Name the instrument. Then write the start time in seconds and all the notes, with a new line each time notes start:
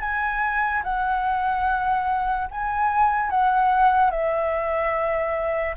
flute
0.00 G#5
0.83 F#5
2.51 G#5
3.30 F#5
4.10 E5